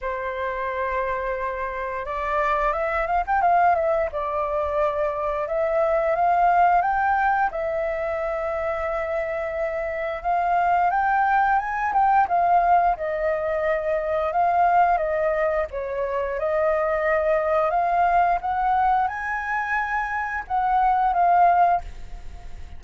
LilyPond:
\new Staff \with { instrumentName = "flute" } { \time 4/4 \tempo 4 = 88 c''2. d''4 | e''8 f''16 g''16 f''8 e''8 d''2 | e''4 f''4 g''4 e''4~ | e''2. f''4 |
g''4 gis''8 g''8 f''4 dis''4~ | dis''4 f''4 dis''4 cis''4 | dis''2 f''4 fis''4 | gis''2 fis''4 f''4 | }